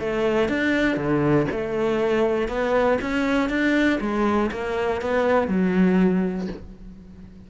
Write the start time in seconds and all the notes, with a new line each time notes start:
0.00 A3
0.49 D4
0.97 D3
1.51 A3
2.48 B3
3.02 C#4
3.50 D4
4.01 G#3
4.52 A#3
5.01 B3
5.48 F#3